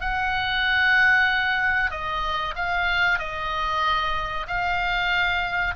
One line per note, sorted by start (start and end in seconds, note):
0.00 1.90 F#5
1.90 2.54 D#5
2.55 3.19 F5
3.19 4.46 D#5
4.47 5.74 F5